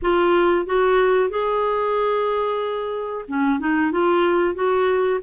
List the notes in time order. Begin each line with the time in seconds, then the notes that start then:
0.01 F4
0.66 F#4
1.29 G#4
3.28 C#4
3.59 D#4
3.91 F4
4.54 F#4